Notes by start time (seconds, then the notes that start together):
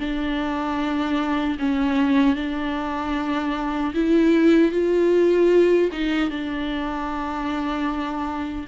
0.00 D4
1.59 C#4
2.36 D4
3.95 E4
4.72 F4
5.92 D#4
6.31 D4